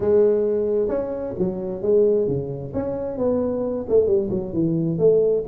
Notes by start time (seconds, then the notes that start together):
0.00 G#3
0.88 C#4
1.38 F#3
1.82 G#3
2.27 C#3
2.73 C#4
3.17 B3
3.88 A3
4.06 G3
4.30 F#3
4.53 E3
4.98 A3